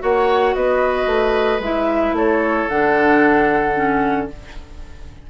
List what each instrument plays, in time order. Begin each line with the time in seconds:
0.00 bassoon A#3, clarinet F#4, oboe C#5, flute F#5
0.54 bassoon B3, oboe B4, flute D#5
1.06 bassoon A3
1.59 bassoon G#3, clarinet E4, flute E5
2.12 bassoon A3, oboe A4, flute C#5
2.69 bassoon D3, clarinet D4, flute F#5
3.74 clarinet C#4